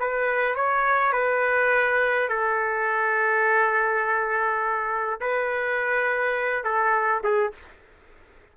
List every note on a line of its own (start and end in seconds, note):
0.00 0.55 B4
0.55 1.13 C#5
1.13 2.29 B4
2.29 5.20 A4
5.21 6.64 B4
6.64 7.22 A4
7.24 7.53 G#4